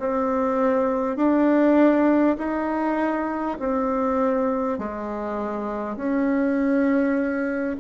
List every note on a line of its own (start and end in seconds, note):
0.00 1.17 C4
1.17 2.37 D4
2.39 3.59 D#4
3.60 4.79 C4
4.79 5.97 G#3
5.97 7.77 C#4